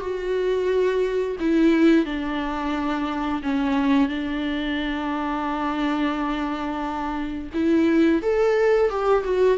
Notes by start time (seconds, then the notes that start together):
0.00 F#4
1.40 E4
2.05 D4
3.43 C#4
4.09 D4
7.54 E4
8.22 A4
8.90 G4
9.24 F#4